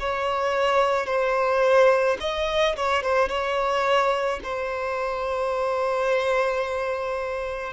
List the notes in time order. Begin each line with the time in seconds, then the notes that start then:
0.00 C#5
1.07 C5
2.20 D#5
2.76 C#5
3.03 C5
3.29 C#5
4.43 C5